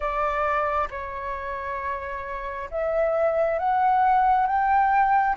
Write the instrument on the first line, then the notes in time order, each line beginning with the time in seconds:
flute
0.00 D5
0.90 C#5
2.71 E5
3.58 F#5
4.46 G5